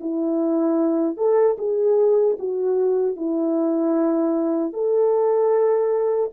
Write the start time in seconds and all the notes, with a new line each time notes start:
0.00 E4
1.17 A4
1.58 G#4
2.39 F#4
3.16 E4
4.73 A4